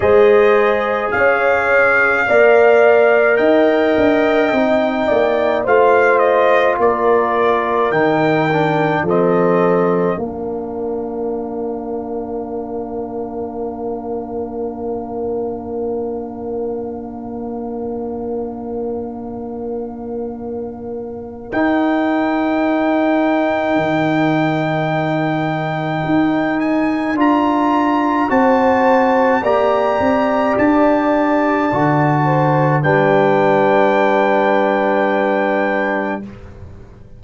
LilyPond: <<
  \new Staff \with { instrumentName = "trumpet" } { \time 4/4 \tempo 4 = 53 dis''4 f''2 g''4~ | g''4 f''8 dis''8 d''4 g''4 | dis''4 f''2.~ | f''1~ |
f''2. g''4~ | g''2.~ g''8 gis''8 | ais''4 a''4 ais''4 a''4~ | a''4 g''2. | }
  \new Staff \with { instrumentName = "horn" } { \time 4/4 c''4 cis''4 d''4 dis''4~ | dis''8 d''8 c''4 ais'2 | a'4 ais'2.~ | ais'1~ |
ais'1~ | ais'1~ | ais'4 c''4 d''2~ | d''8 c''8 b'2. | }
  \new Staff \with { instrumentName = "trombone" } { \time 4/4 gis'2 ais'2 | dis'4 f'2 dis'8 d'8 | c'4 d'2.~ | d'1~ |
d'2. dis'4~ | dis'1 | f'4 fis'4 g'2 | fis'4 d'2. | }
  \new Staff \with { instrumentName = "tuba" } { \time 4/4 gis4 cis'4 ais4 dis'8 d'8 | c'8 ais8 a4 ais4 dis4 | f4 ais2.~ | ais1~ |
ais2. dis'4~ | dis'4 dis2 dis'4 | d'4 c'4 ais8 c'8 d'4 | d4 g2. | }
>>